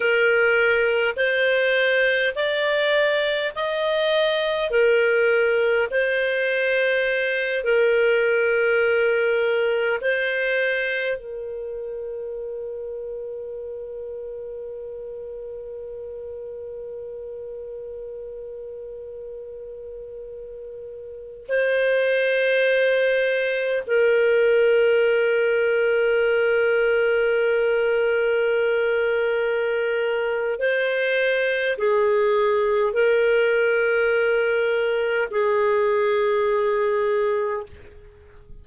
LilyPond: \new Staff \with { instrumentName = "clarinet" } { \time 4/4 \tempo 4 = 51 ais'4 c''4 d''4 dis''4 | ais'4 c''4. ais'4.~ | ais'8 c''4 ais'2~ ais'8~ | ais'1~ |
ais'2~ ais'16 c''4.~ c''16~ | c''16 ais'2.~ ais'8.~ | ais'2 c''4 gis'4 | ais'2 gis'2 | }